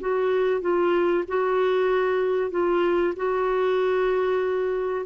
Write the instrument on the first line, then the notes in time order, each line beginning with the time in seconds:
clarinet
0.00 F#4
0.61 F4
1.28 F#4
2.50 F4
3.16 F#4